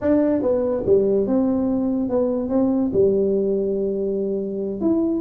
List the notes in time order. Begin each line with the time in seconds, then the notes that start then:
0.01 D4
0.41 B3
0.85 G3
1.26 C4
2.09 B3
2.49 C4
2.93 G3
4.80 E4